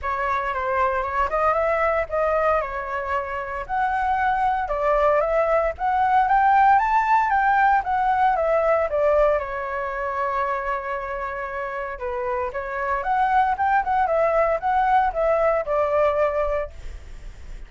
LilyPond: \new Staff \with { instrumentName = "flute" } { \time 4/4 \tempo 4 = 115 cis''4 c''4 cis''8 dis''8 e''4 | dis''4 cis''2 fis''4~ | fis''4 d''4 e''4 fis''4 | g''4 a''4 g''4 fis''4 |
e''4 d''4 cis''2~ | cis''2. b'4 | cis''4 fis''4 g''8 fis''8 e''4 | fis''4 e''4 d''2 | }